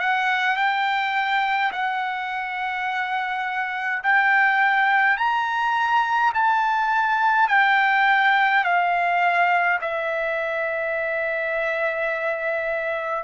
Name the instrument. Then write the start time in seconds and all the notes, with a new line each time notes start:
trumpet
0.00 F#5
0.57 G5
1.72 F#5
4.04 G5
5.18 A#5
6.34 A5
7.49 G5
8.64 F5
9.81 E5